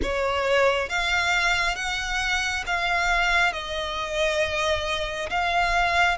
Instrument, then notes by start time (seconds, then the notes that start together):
violin
0.02 C#5
0.89 F5
1.75 F#5
2.66 F5
3.53 D#5
5.30 F5